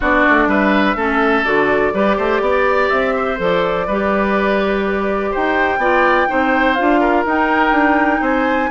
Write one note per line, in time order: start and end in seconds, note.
0.00 0.25 B3
0.00 0.97 D4
0.00 0.48 F#4
0.00 0.49 D5
0.29 0.46 A3
0.46 0.95 G3
0.46 0.96 B4
0.46 1.44 E5
0.95 1.43 A3
0.95 1.44 C#4
0.95 1.93 A4
1.44 1.93 D3
1.44 1.93 F#4
1.44 2.89 D5
1.93 2.17 G3
1.93 3.37 G4
1.93 2.16 B4
2.16 2.40 A3
2.16 2.41 C5
2.40 2.89 B3
2.40 3.15 D5
2.89 3.39 C4
2.89 3.38 E5
3.15 3.86 C5
3.37 3.87 F3
3.37 3.86 A4
3.37 5.34 D5
3.86 5.33 G3
3.86 5.80 G4
3.86 5.31 B4
5.31 5.77 D#4
5.31 5.79 C5
5.31 6.74 G5
5.77 6.26 B3
5.77 6.27 F4
5.77 6.27 D5
6.27 6.80 C4
6.27 6.76 D#4
6.27 7.00 C5
6.74 7.25 D4
6.74 7.25 F4
6.74 7.23 F5
7.00 8.21 A#4
7.25 7.71 D#4
7.25 8.71 D#4
7.25 8.23 G5
7.71 8.19 D4
8.20 8.69 C4
8.20 8.69 C5
8.20 8.71 G#5